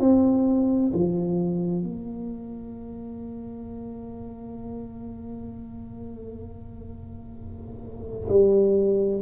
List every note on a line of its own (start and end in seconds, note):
0.00 0.92 C4
0.94 1.83 F3
1.83 8.30 A#3
8.30 9.22 G3